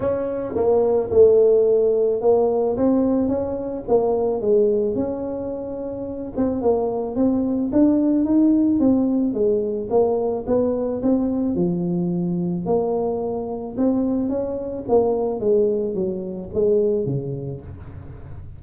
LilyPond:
\new Staff \with { instrumentName = "tuba" } { \time 4/4 \tempo 4 = 109 cis'4 ais4 a2 | ais4 c'4 cis'4 ais4 | gis4 cis'2~ cis'8 c'8 | ais4 c'4 d'4 dis'4 |
c'4 gis4 ais4 b4 | c'4 f2 ais4~ | ais4 c'4 cis'4 ais4 | gis4 fis4 gis4 cis4 | }